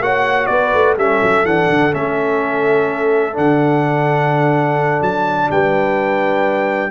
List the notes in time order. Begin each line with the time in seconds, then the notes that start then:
0.00 A#3 F#4 C#5 F#5
0.46 B3 B4 D5
0.73 A3
0.97 G3 C#4 A4 E5
1.22 F#3
1.44 E3 D4 F#5
1.69 D3
1.91 A3 C#4 E5
3.32 D3 D4 F#5
5.01 F#3 A5
5.50 G3 B4 G5